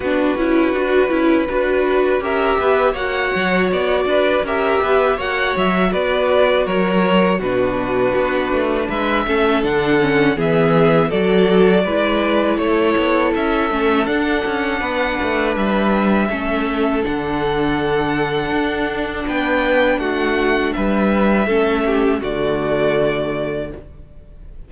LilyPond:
<<
  \new Staff \with { instrumentName = "violin" } { \time 4/4 \tempo 4 = 81 b'2. e''4 | fis''4 d''4 e''4 fis''8 e''8 | d''4 cis''4 b'2 | e''4 fis''4 e''4 d''4~ |
d''4 cis''4 e''4 fis''4~ | fis''4 e''2 fis''4~ | fis''2 g''4 fis''4 | e''2 d''2 | }
  \new Staff \with { instrumentName = "violin" } { \time 4/4 fis'2 b'4 ais'8 b'8 | cis''4. b'8 ais'8 b'8 cis''4 | b'4 ais'4 fis'2 | b'8 a'4. gis'4 a'4 |
b'4 a'2. | b'2 a'2~ | a'2 b'4 fis'4 | b'4 a'8 g'8 fis'2 | }
  \new Staff \with { instrumentName = "viola" } { \time 4/4 d'8 e'8 fis'8 e'8 fis'4 g'4 | fis'2 g'4 fis'4~ | fis'2 d'2~ | d'8 cis'8 d'8 cis'8 b4 fis'4 |
e'2~ e'8 cis'8 d'4~ | d'2 cis'4 d'4~ | d'1~ | d'4 cis'4 a2 | }
  \new Staff \with { instrumentName = "cello" } { \time 4/4 b8 cis'8 d'8 cis'8 d'4 cis'8 b8 | ais8 fis8 b8 d'8 cis'8 b8 ais8 fis8 | b4 fis4 b,4 b8 a8 | gis8 a8 d4 e4 fis4 |
gis4 a8 b8 cis'8 a8 d'8 cis'8 | b8 a8 g4 a4 d4~ | d4 d'4 b4 a4 | g4 a4 d2 | }
>>